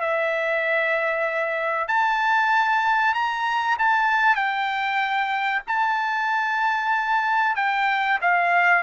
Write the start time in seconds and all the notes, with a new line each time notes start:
0.00 E5
1.87 A5
3.13 A#5
3.78 A5
4.35 G5
5.67 A5
7.56 G5
8.21 F5